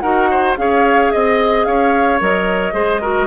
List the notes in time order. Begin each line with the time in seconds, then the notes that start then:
0.00 D#4 F#4 A#4 F#5
0.31 C5
0.56 C#4 G#4 C#5 F5
1.11 C4 D#5
1.65 C#4 C#5 F5
2.20 F#3 A#4 D#5
2.73 G#3 G#4 C5
3.01 F#4 A#4